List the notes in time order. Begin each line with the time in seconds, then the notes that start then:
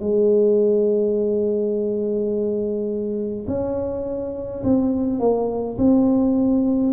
0.00 G#3
3.48 C#4
4.64 C4
5.20 A#3
5.78 C4